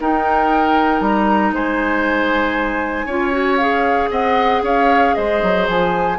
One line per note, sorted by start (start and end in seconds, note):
0.00 1.00 D#4
0.00 3.10 D#4
0.00 1.54 A#4
0.00 1.01 G5
1.00 1.52 G3
1.00 1.53 A#5
1.52 3.05 G#3
1.52 3.06 C5
1.52 3.57 G#5
3.05 4.09 C#4
3.05 3.32 F4
3.05 4.09 C#5
3.32 3.58 F#4
3.57 6.18 G#4
3.57 4.09 F5
4.11 4.62 C4
4.11 4.62 D#5
4.11 4.63 F#5
4.62 5.14 C#4
4.62 5.15 C#5
4.62 5.15 F5
5.15 5.42 G#3
5.15 6.18 C5
5.15 5.67 D#5
5.42 5.68 F#3
5.68 6.18 F3
5.68 6.18 G#5